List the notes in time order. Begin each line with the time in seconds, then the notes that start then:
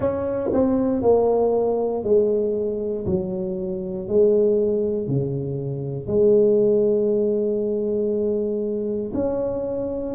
0.00 C#4
0.53 C4
1.02 A#3
2.03 G#3
3.06 F#3
4.07 G#3
5.07 C#3
6.07 G#3
9.13 C#4